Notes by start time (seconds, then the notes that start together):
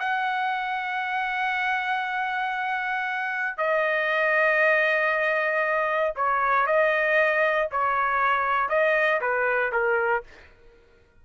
0.00 F#5
3.58 D#5
6.16 C#5
6.67 D#5
7.72 C#5
8.70 D#5
9.21 B4
9.73 A#4